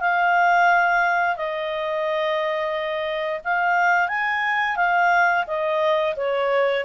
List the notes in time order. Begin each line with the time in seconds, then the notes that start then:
0.00 F5
1.36 D#5
3.44 F5
4.08 G#5
4.76 F5
5.47 D#5
6.16 C#5